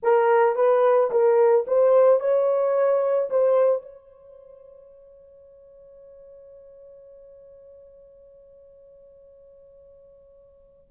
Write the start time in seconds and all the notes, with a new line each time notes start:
0.02 A#4
0.55 B4
1.11 A#4
1.67 C5
2.20 C#5
3.30 C5
3.82 C#5